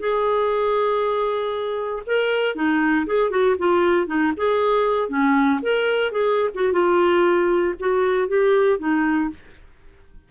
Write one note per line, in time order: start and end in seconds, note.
0.00 2.03 G#4
2.07 2.56 A#4
2.56 3.06 D#4
3.07 3.31 G#4
3.31 3.56 F#4
3.59 4.07 F4
4.07 4.33 D#4
4.37 5.09 G#4
5.09 5.60 C#4
5.62 6.12 A#4
6.12 6.50 G#4
6.55 6.73 F#4
6.73 7.75 F4
7.80 8.29 F#4
8.29 8.79 G4
8.79 9.30 D#4